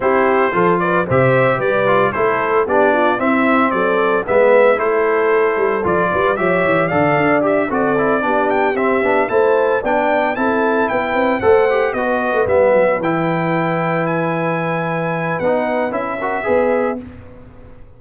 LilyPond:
<<
  \new Staff \with { instrumentName = "trumpet" } { \time 4/4 \tempo 4 = 113 c''4. d''8 e''4 d''4 | c''4 d''4 e''4 d''4 | e''4 c''2 d''4 | e''4 f''4 e''8 d''4. |
g''8 e''4 a''4 g''4 a''8~ | a''8 g''4 fis''4 dis''4 e''8~ | e''8 g''2 gis''4.~ | gis''4 fis''4 e''2 | }
  \new Staff \with { instrumentName = "horn" } { \time 4/4 g'4 a'8 b'8 c''4 b'4 | a'4 g'8 f'8 e'4 a'4 | b'4 a'2~ a'8 b'8 | cis''4 d''4. a'4 g'8~ |
g'4. c''4 d''4 a'8~ | a'8 b'4 c''4 b'4.~ | b'1~ | b'2~ b'8 ais'8 b'4 | }
  \new Staff \with { instrumentName = "trombone" } { \time 4/4 e'4 f'4 g'4. f'8 | e'4 d'4 c'2 | b4 e'2 f'4 | g'4 a'4 g'8 fis'8 e'8 d'8~ |
d'8 c'8 d'8 e'4 d'4 e'8~ | e'4. a'8 g'8 fis'4 b8~ | b8 e'2.~ e'8~ | e'4 dis'4 e'8 fis'8 gis'4 | }
  \new Staff \with { instrumentName = "tuba" } { \time 4/4 c'4 f4 c4 g4 | a4 b4 c'4 fis4 | gis4 a4. g8 f8 g8 | f8 e8 d8 d'4 c'4 b8~ |
b8 c'8 b8 a4 b4 c'8~ | c'8 b8 c'8 a4 b8. a16 g8 | fis8 e2.~ e8~ | e4 b4 cis'4 b4 | }
>>